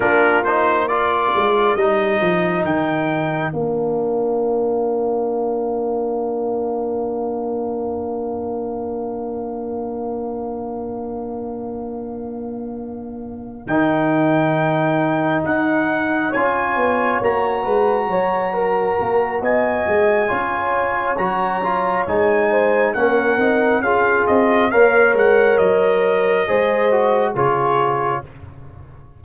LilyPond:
<<
  \new Staff \with { instrumentName = "trumpet" } { \time 4/4 \tempo 4 = 68 ais'8 c''8 d''4 dis''4 g''4 | f''1~ | f''1~ | f''2.~ f''8 g''8~ |
g''4. fis''4 gis''4 ais''8~ | ais''2 gis''2 | ais''4 gis''4 fis''4 f''8 dis''8 | f''8 fis''8 dis''2 cis''4 | }
  \new Staff \with { instrumentName = "horn" } { \time 4/4 f'4 ais'2.~ | ais'1~ | ais'1~ | ais'1~ |
ais'2~ ais'8 cis''4. | b'8 cis''8 ais'4 dis''4 cis''4~ | cis''4. c''8 ais'4 gis'4 | cis''2 c''4 gis'4 | }
  \new Staff \with { instrumentName = "trombone" } { \time 4/4 d'8 dis'8 f'4 dis'2 | d'1~ | d'1~ | d'2.~ d'8 dis'8~ |
dis'2~ dis'8 f'4 fis'8~ | fis'2. f'4 | fis'8 f'8 dis'4 cis'8 dis'8 f'4 | ais'2 gis'8 fis'8 f'4 | }
  \new Staff \with { instrumentName = "tuba" } { \time 4/4 ais4. gis8 g8 f8 dis4 | ais1~ | ais1~ | ais2.~ ais8 dis8~ |
dis4. dis'4 cis'8 b8 ais8 | gis8 fis4 ais8 b8 gis8 cis'4 | fis4 gis4 ais8 c'8 cis'8 c'8 | ais8 gis8 fis4 gis4 cis4 | }
>>